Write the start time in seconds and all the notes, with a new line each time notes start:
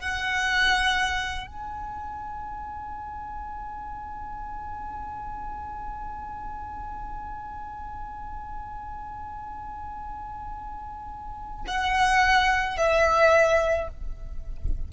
0.00 F#5
1.47 G#5
11.68 F#5
12.77 E5